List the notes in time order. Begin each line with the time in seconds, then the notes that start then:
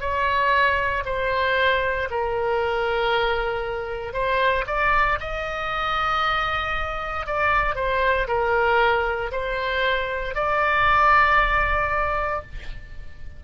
0.00 C#5
1.05 C5
2.10 A#4
4.13 C5
4.66 D5
5.20 D#5
7.26 D5
7.75 C5
8.27 A#4
9.32 C5
10.34 D5